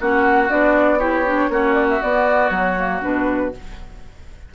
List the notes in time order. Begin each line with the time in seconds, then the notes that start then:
0.00 A#3 C#4 F#4 F#5
0.48 B3 D4 D5
0.99 E4 G4 C#5
1.26 D4
1.49 A#3 C#4 F#4
1.73 D5
1.89 E5
2.02 B3 D5
2.49 F#3 C#5
2.76 A#3
3.01 B2 D4 B4